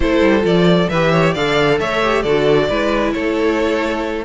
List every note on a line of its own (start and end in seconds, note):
0.00 0.21 A3
0.00 0.40 E4
0.00 0.90 A4
0.00 0.45 C5
0.21 0.43 G3
0.40 0.88 F3
0.40 0.85 F4
0.40 0.89 D5
0.89 1.35 E3
0.89 1.36 G4
0.89 1.11 B4
0.89 1.34 E5
1.11 1.33 C#5
1.33 1.79 D3
1.33 2.03 A4
1.33 1.78 D5
1.33 1.79 F5
1.79 2.24 A3
1.79 2.22 C#5
1.79 2.22 E5
2.03 2.25 G4
2.22 2.69 D3
2.22 2.69 F#4
2.22 2.67 A4
2.22 3.11 D5
2.69 3.14 G#3
2.69 4.24 E4
2.69 3.14 B4
3.12 4.24 A3
3.12 4.24 A4
3.12 4.24 C#5